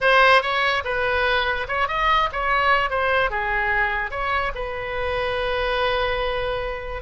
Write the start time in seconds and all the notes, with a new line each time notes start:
0.01 C5
0.41 C#5
0.84 B4
1.68 C#5
1.87 D#5
2.32 C#5
2.90 C5
3.30 G#4
4.10 C#5
4.54 B4